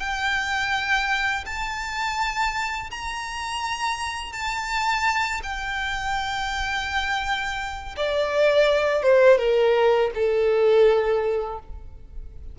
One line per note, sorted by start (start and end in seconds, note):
0.00 1.45 G5
1.46 2.90 A5
2.90 4.33 A#5
4.33 5.41 A5
5.43 7.96 G5
7.96 9.03 D5
9.03 9.38 C5
9.38 10.10 A#4
10.14 11.59 A4